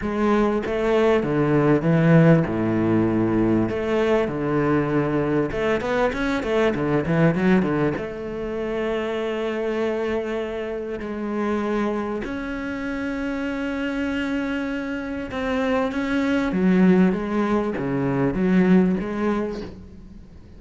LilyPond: \new Staff \with { instrumentName = "cello" } { \time 4/4 \tempo 4 = 98 gis4 a4 d4 e4 | a,2 a4 d4~ | d4 a8 b8 cis'8 a8 d8 e8 | fis8 d8 a2.~ |
a2 gis2 | cis'1~ | cis'4 c'4 cis'4 fis4 | gis4 cis4 fis4 gis4 | }